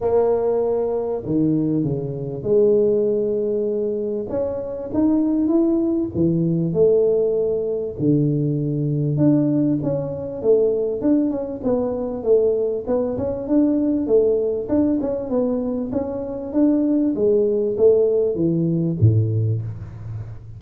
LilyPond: \new Staff \with { instrumentName = "tuba" } { \time 4/4 \tempo 4 = 98 ais2 dis4 cis4 | gis2. cis'4 | dis'4 e'4 e4 a4~ | a4 d2 d'4 |
cis'4 a4 d'8 cis'8 b4 | a4 b8 cis'8 d'4 a4 | d'8 cis'8 b4 cis'4 d'4 | gis4 a4 e4 a,4 | }